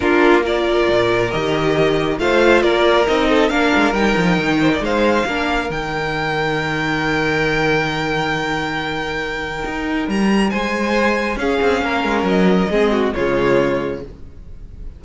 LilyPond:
<<
  \new Staff \with { instrumentName = "violin" } { \time 4/4 \tempo 4 = 137 ais'4 d''2 dis''4~ | dis''4 f''4 d''4 dis''4 | f''4 g''2 f''4~ | f''4 g''2.~ |
g''1~ | g''2. ais''4 | gis''2 f''2 | dis''2 cis''2 | }
  \new Staff \with { instrumentName = "violin" } { \time 4/4 f'4 ais'2.~ | ais'4 c''4 ais'4. a'8 | ais'2~ ais'8 c''16 d''16 c''4 | ais'1~ |
ais'1~ | ais'1 | c''2 gis'4 ais'4~ | ais'4 gis'8 fis'8 f'2 | }
  \new Staff \with { instrumentName = "viola" } { \time 4/4 d'4 f'2 g'4~ | g'4 f'2 dis'4 | d'4 dis'2. | d'4 dis'2.~ |
dis'1~ | dis'1~ | dis'2 cis'2~ | cis'4 c'4 gis2 | }
  \new Staff \with { instrumentName = "cello" } { \time 4/4 ais2 ais,4 dis4~ | dis4 a4 ais4 c'4 | ais8 gis8 g8 f8 dis4 gis4 | ais4 dis2.~ |
dis1~ | dis2 dis'4 g4 | gis2 cis'8 c'8 ais8 gis8 | fis4 gis4 cis2 | }
>>